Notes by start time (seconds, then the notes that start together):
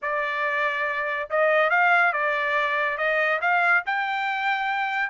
0.02 D5
1.30 D#5
1.70 F5
2.12 D5
2.97 D#5
3.41 F5
3.86 G5